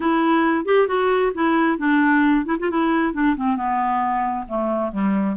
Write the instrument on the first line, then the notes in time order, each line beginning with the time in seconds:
clarinet
0.00 E4
0.65 G4
0.87 F#4
1.34 E4
1.78 D4
2.45 E4
2.59 F4
2.70 E4
3.13 D4
3.36 C4
3.56 B3
4.48 A3
4.92 G3